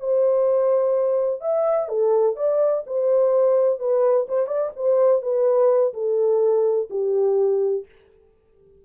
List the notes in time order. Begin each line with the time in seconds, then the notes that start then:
0.00 C5
1.41 E5
1.89 A4
2.36 D5
2.87 C5
3.79 B4
4.29 C5
4.47 D5
4.76 C5
5.22 B4
5.94 A4
6.90 G4